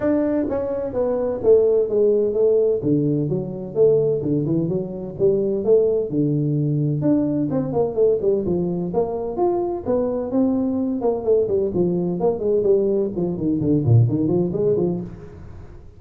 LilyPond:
\new Staff \with { instrumentName = "tuba" } { \time 4/4 \tempo 4 = 128 d'4 cis'4 b4 a4 | gis4 a4 d4 fis4 | a4 d8 e8 fis4 g4 | a4 d2 d'4 |
c'8 ais8 a8 g8 f4 ais4 | f'4 b4 c'4. ais8 | a8 g8 f4 ais8 gis8 g4 | f8 dis8 d8 ais,8 dis8 f8 gis8 f8 | }